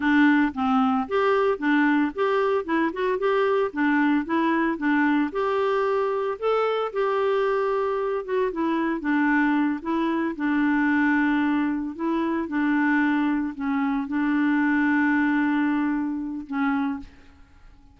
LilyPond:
\new Staff \with { instrumentName = "clarinet" } { \time 4/4 \tempo 4 = 113 d'4 c'4 g'4 d'4 | g'4 e'8 fis'8 g'4 d'4 | e'4 d'4 g'2 | a'4 g'2~ g'8 fis'8 |
e'4 d'4. e'4 d'8~ | d'2~ d'8 e'4 d'8~ | d'4. cis'4 d'4.~ | d'2. cis'4 | }